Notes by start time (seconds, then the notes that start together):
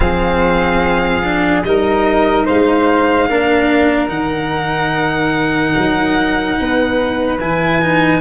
0.00 F3 C4 G#4 F5
1.23 D4
1.63 G3 D#4 A#4 D#5
2.45 G#3 C5 F5
3.29 A#3 D4 A#4
4.08 D#3 D#4 F#5
5.76 F#3
6.60 B3 B4
7.40 E3 E4 G#5
7.81 D#4